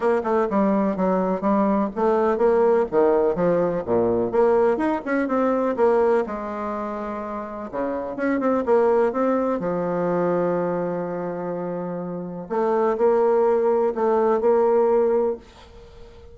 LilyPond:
\new Staff \with { instrumentName = "bassoon" } { \time 4/4 \tempo 4 = 125 ais8 a8 g4 fis4 g4 | a4 ais4 dis4 f4 | ais,4 ais4 dis'8 cis'8 c'4 | ais4 gis2. |
cis4 cis'8 c'8 ais4 c'4 | f1~ | f2 a4 ais4~ | ais4 a4 ais2 | }